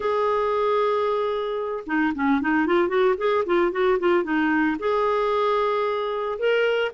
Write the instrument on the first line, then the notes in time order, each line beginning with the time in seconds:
clarinet
0.00 G#4
1.86 D#4
2.15 C#4
2.41 D#4
2.66 F4
2.88 F#4
3.17 G#4
3.45 F4
3.71 F#4
3.99 F4
4.23 D#4
4.79 G#4
6.38 A#4